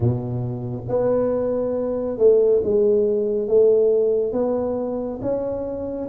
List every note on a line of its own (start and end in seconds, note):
0.00 0.83 B2
0.88 2.18 B3
2.18 2.61 A3
2.63 3.47 G#3
3.47 4.32 A3
4.32 5.19 B3
5.21 6.08 C#4